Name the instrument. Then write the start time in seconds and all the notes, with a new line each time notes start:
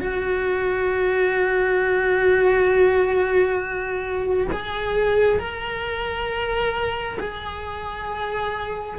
cello
0.00 F#4
4.52 G#4
5.39 A#4
7.20 G#4